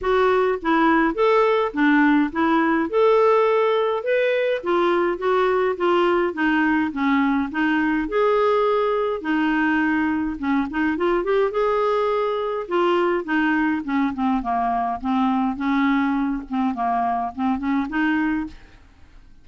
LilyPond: \new Staff \with { instrumentName = "clarinet" } { \time 4/4 \tempo 4 = 104 fis'4 e'4 a'4 d'4 | e'4 a'2 b'4 | f'4 fis'4 f'4 dis'4 | cis'4 dis'4 gis'2 |
dis'2 cis'8 dis'8 f'8 g'8 | gis'2 f'4 dis'4 | cis'8 c'8 ais4 c'4 cis'4~ | cis'8 c'8 ais4 c'8 cis'8 dis'4 | }